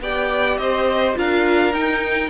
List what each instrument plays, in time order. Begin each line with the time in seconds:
0.00 cello B3, viola G4, violin D5 G5
0.57 cello C4, violin C5 D#5
1.15 cello D4, viola F4, violin A#4 F5
1.73 cello D#4, viola D#4, violin G5